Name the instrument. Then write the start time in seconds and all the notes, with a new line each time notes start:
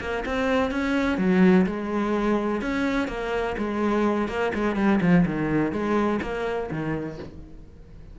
cello
0.00 A#3
0.25 C4
0.71 C#4
1.18 F#3
1.66 G#3
2.61 C#4
3.07 A#3
3.57 G#3
4.28 A#3
4.54 G#3
4.75 G3
5.01 F3
5.26 D#3
5.72 G#3
6.21 A#3
6.71 D#3